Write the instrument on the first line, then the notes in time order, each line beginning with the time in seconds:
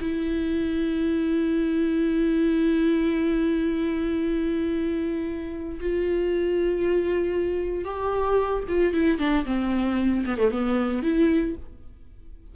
viola
0.00 E4
5.80 F4
7.84 G4
8.68 F4
8.93 E4
9.18 D4
9.45 C4
10.25 B3
10.38 A3
10.51 B3
11.02 E4